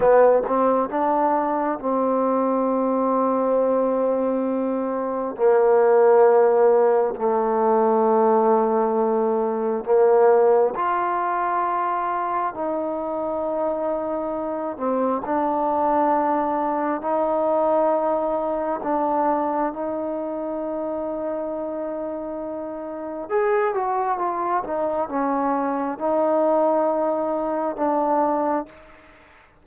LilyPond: \new Staff \with { instrumentName = "trombone" } { \time 4/4 \tempo 4 = 67 b8 c'8 d'4 c'2~ | c'2 ais2 | a2. ais4 | f'2 dis'2~ |
dis'8 c'8 d'2 dis'4~ | dis'4 d'4 dis'2~ | dis'2 gis'8 fis'8 f'8 dis'8 | cis'4 dis'2 d'4 | }